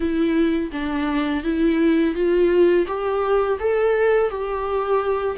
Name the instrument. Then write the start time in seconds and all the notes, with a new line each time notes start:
viola
0.00 E4
0.71 D4
1.43 E4
2.14 F4
2.87 G4
3.59 A4
4.30 G4